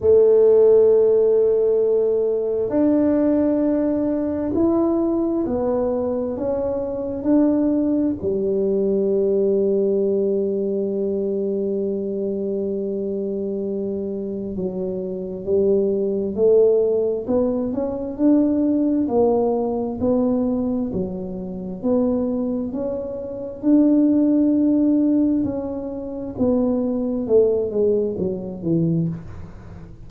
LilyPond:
\new Staff \with { instrumentName = "tuba" } { \time 4/4 \tempo 4 = 66 a2. d'4~ | d'4 e'4 b4 cis'4 | d'4 g2.~ | g1 |
fis4 g4 a4 b8 cis'8 | d'4 ais4 b4 fis4 | b4 cis'4 d'2 | cis'4 b4 a8 gis8 fis8 e8 | }